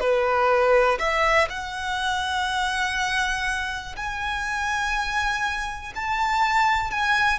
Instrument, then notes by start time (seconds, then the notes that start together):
violin
0.00 B4
0.99 E5
1.49 F#5
3.96 G#5
5.95 A5
6.90 G#5